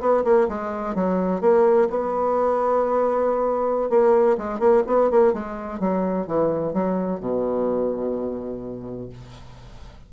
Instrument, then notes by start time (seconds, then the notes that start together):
bassoon
0.00 B3
0.24 A#3
0.48 G#3
0.95 F#3
1.41 A#3
1.90 B3
3.90 A#3
4.38 G#3
4.59 A#3
4.87 B3
5.10 A#3
5.33 G#3
5.80 F#3
6.27 E3
6.73 F#3
7.20 B2